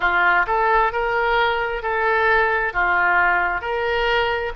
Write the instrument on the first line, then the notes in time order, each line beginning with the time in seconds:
oboe
0.00 F4
0.47 A4
0.92 A#4
1.82 A4
2.73 F4
3.61 A#4